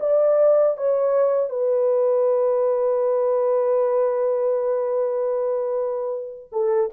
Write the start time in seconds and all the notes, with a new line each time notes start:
0.00 D5
0.77 C#5
1.49 B4
6.52 A4